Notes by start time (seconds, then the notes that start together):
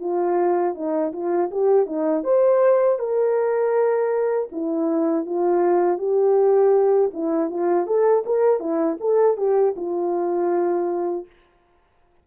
0.00 F4
0.75 D#4
1.13 F4
1.51 G4
1.86 D#4
2.24 C5
2.99 A#4
4.52 E4
5.26 F4
5.98 G4
7.13 E4
7.50 F4
7.86 A4
8.26 A#4
8.60 E4
9.00 A4
9.37 G4
9.76 F4